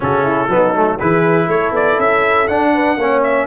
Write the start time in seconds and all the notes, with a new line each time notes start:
0.00 C#3 C#4 F#4 A4
0.23 E4
0.48 F#3 B3 D#4
0.74 A3
0.99 E3 E4 G#4 B4
1.46 A3 A4 C#5
1.71 B3 D5
1.98 C#4 E5
2.47 D4 F#5
2.74 B4
2.96 A#3 C#4 C#5
3.23 E5